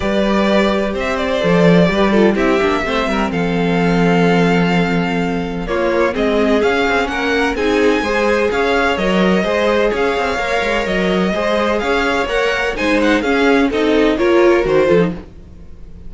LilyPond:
<<
  \new Staff \with { instrumentName = "violin" } { \time 4/4 \tempo 4 = 127 d''2 e''8 d''4.~ | d''4 e''2 f''4~ | f''1 | cis''4 dis''4 f''4 fis''4 |
gis''2 f''4 dis''4~ | dis''4 f''2 dis''4~ | dis''4 f''4 fis''4 gis''8 fis''8 | f''4 dis''4 cis''4 c''4 | }
  \new Staff \with { instrumentName = "violin" } { \time 4/4 b'2 c''2 | b'8 a'8 g'4 c''8 ais'8 a'4~ | a'1 | f'4 gis'2 ais'4 |
gis'4 c''4 cis''2 | c''4 cis''2. | c''4 cis''2 c''4 | gis'4 a'4 ais'4. a'8 | }
  \new Staff \with { instrumentName = "viola" } { \time 4/4 g'2. a'4 | g'8 f'8 e'8 d'8 c'2~ | c'1 | ais4 c'4 cis'2 |
dis'4 gis'2 ais'4 | gis'2 ais'2 | gis'2 ais'4 dis'4 | cis'4 dis'4 f'4 fis'8 f'16 dis'16 | }
  \new Staff \with { instrumentName = "cello" } { \time 4/4 g2 c'4 f4 | g4 c'8 ais8 a8 g8 f4~ | f1 | ais4 gis4 cis'8 c'8 ais4 |
c'4 gis4 cis'4 fis4 | gis4 cis'8 c'8 ais8 gis8 fis4 | gis4 cis'4 ais4 gis4 | cis'4 c'4 ais4 dis8 f8 | }
>>